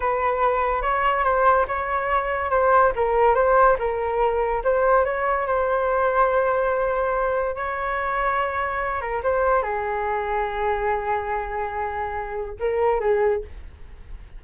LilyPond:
\new Staff \with { instrumentName = "flute" } { \time 4/4 \tempo 4 = 143 b'2 cis''4 c''4 | cis''2 c''4 ais'4 | c''4 ais'2 c''4 | cis''4 c''2.~ |
c''2 cis''2~ | cis''4. ais'8 c''4 gis'4~ | gis'1~ | gis'2 ais'4 gis'4 | }